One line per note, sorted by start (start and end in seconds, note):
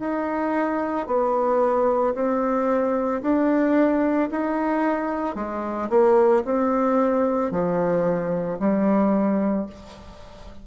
0.00 1.07 D#4
1.07 2.14 B3
2.15 3.22 C4
3.22 4.30 D4
4.31 5.36 D#4
5.36 5.89 G#3
5.90 6.43 A#3
6.45 7.51 C4
7.51 8.59 F3
8.60 9.67 G3